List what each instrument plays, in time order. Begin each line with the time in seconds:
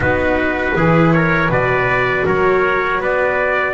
0.00 double bass B3, viola D#4, trumpet F#4 B4
0.75 double bass E3, viola E4, trumpet G#4
1.12 trumpet A#4 C#5
1.49 double bass B2, viola F#4, trumpet B4 D5
2.25 double bass F#3, trumpet A#4 C#5
3.00 double bass B3, trumpet B4 D5